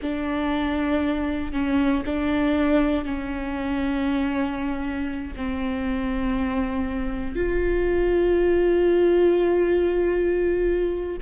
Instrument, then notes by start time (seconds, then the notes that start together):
viola
0.01 D4
1.52 C#4
2.05 D4
3.04 C#4
5.36 C4
7.35 F4